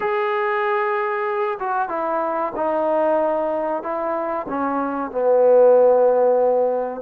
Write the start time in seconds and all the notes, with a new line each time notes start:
0.00 G#4
1.59 F#4
1.89 E4
2.55 D#4
3.82 E4
4.49 C#4
5.11 B3